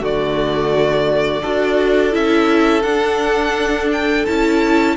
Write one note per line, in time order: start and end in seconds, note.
0.00 1.42 D3
0.00 1.41 A3
0.00 1.42 F#4
0.00 2.15 D5
1.42 2.15 D4
1.42 2.12 F#4
1.42 4.95 A4
2.12 2.84 C#4
2.12 2.82 E4
2.12 2.83 E5
2.83 4.25 D4
2.83 4.27 D4
2.83 3.89 F#5
3.92 4.26 G5
4.26 4.97 C#4
4.26 4.97 E4
4.26 4.96 A5